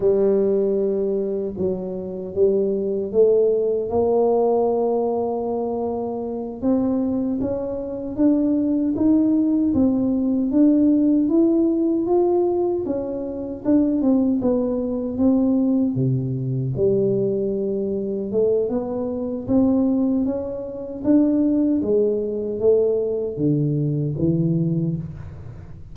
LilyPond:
\new Staff \with { instrumentName = "tuba" } { \time 4/4 \tempo 4 = 77 g2 fis4 g4 | a4 ais2.~ | ais8 c'4 cis'4 d'4 dis'8~ | dis'8 c'4 d'4 e'4 f'8~ |
f'8 cis'4 d'8 c'8 b4 c'8~ | c'8 c4 g2 a8 | b4 c'4 cis'4 d'4 | gis4 a4 d4 e4 | }